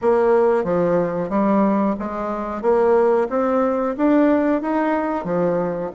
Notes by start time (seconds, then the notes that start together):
0.01 A#3
0.64 F3
1.29 G3
1.99 G#3
2.61 A#3
3.29 C4
3.97 D4
4.61 D#4
5.24 F3